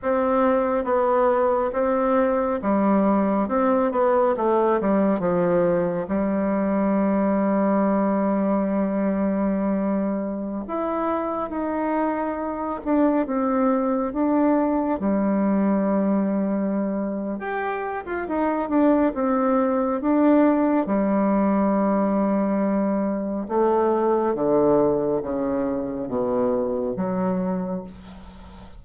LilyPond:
\new Staff \with { instrumentName = "bassoon" } { \time 4/4 \tempo 4 = 69 c'4 b4 c'4 g4 | c'8 b8 a8 g8 f4 g4~ | g1~ | g16 e'4 dis'4. d'8 c'8.~ |
c'16 d'4 g2~ g8. | g'8. f'16 dis'8 d'8 c'4 d'4 | g2. a4 | d4 cis4 b,4 fis4 | }